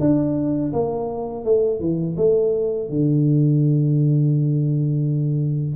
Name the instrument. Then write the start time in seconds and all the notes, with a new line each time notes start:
tuba
0.00 D4
0.73 A#3
1.44 A3
1.80 E3
2.17 A3
2.89 D3